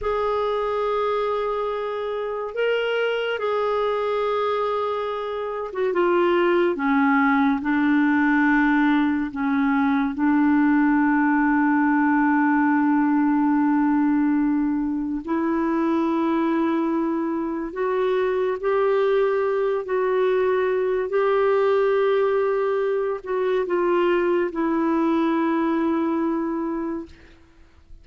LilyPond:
\new Staff \with { instrumentName = "clarinet" } { \time 4/4 \tempo 4 = 71 gis'2. ais'4 | gis'2~ gis'8. fis'16 f'4 | cis'4 d'2 cis'4 | d'1~ |
d'2 e'2~ | e'4 fis'4 g'4. fis'8~ | fis'4 g'2~ g'8 fis'8 | f'4 e'2. | }